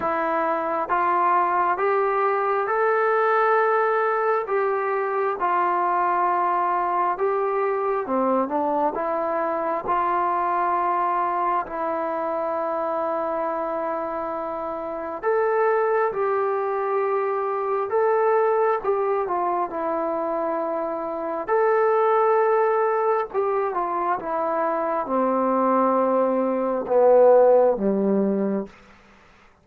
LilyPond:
\new Staff \with { instrumentName = "trombone" } { \time 4/4 \tempo 4 = 67 e'4 f'4 g'4 a'4~ | a'4 g'4 f'2 | g'4 c'8 d'8 e'4 f'4~ | f'4 e'2.~ |
e'4 a'4 g'2 | a'4 g'8 f'8 e'2 | a'2 g'8 f'8 e'4 | c'2 b4 g4 | }